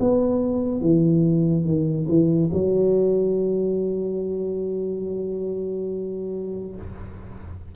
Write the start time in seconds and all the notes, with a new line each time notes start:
0.00 B3
0.81 E3
1.64 D#3
2.08 E3
2.53 F#3